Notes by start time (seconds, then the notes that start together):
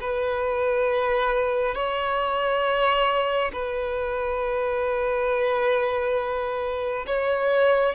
0.00 B4
1.74 C#5
3.52 B4
7.06 C#5